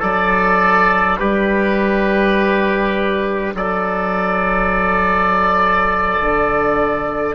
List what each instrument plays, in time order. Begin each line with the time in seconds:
0.00 bassoon F#3, horn D4, trumpet A4, oboe D5
1.19 bassoon G3, trumpet G4, oboe B4
3.54 bassoon F#3, trumpet A4, oboe D5
6.21 bassoon D3